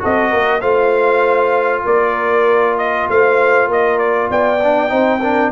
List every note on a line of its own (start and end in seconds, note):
0.00 0.34 C4
0.00 0.61 F#4
0.00 0.30 A4
0.00 0.61 D#5
0.30 0.62 A#3
0.30 0.61 A#4
0.61 1.85 A3
0.61 4.60 F4
0.61 1.84 C5
0.61 1.84 F5
1.84 3.08 A#3
1.84 3.07 A#4
1.84 2.78 D5
2.78 3.09 D#5
3.09 3.68 A3
3.09 3.70 C5
3.09 3.71 F5
3.68 4.29 A#3
3.68 4.30 A#4
3.68 3.99 D#5
3.99 4.29 D5
4.30 4.92 B3
4.30 4.91 D5
4.30 5.52 G5
4.63 4.89 D4
4.89 5.52 C4
4.89 5.19 D#4
4.89 5.21 C5
5.21 5.52 D4
5.21 5.51 A#4